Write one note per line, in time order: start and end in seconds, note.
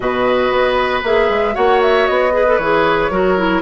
0.00 0.51 B2
0.00 1.03 F#4
0.00 1.54 B4
0.00 1.02 D#5
0.51 1.03 B3
1.03 1.29 A#3
1.03 1.53 G#4
1.03 1.55 E5
1.29 1.55 G#3
1.53 2.08 A#3
1.53 2.30 F#4
1.53 2.32 C#5
1.53 1.81 F#5
1.81 2.07 E5
2.07 2.58 B3
2.07 2.58 D#5
2.31 2.44 G#4
2.31 3.11 B4
2.47 2.60 A4
2.58 3.10 E3
2.58 3.11 G#4
2.58 3.61 C#5
3.10 3.62 F#3
3.10 3.37 F#4
3.10 3.62 A#4
3.37 3.62 E4